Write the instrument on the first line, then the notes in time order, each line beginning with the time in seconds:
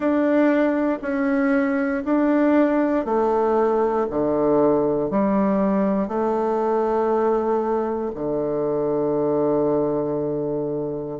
bassoon
0.00 D4
1.02 C#4
2.04 D4
3.05 A3
4.10 D3
5.10 G3
6.07 A3
8.14 D3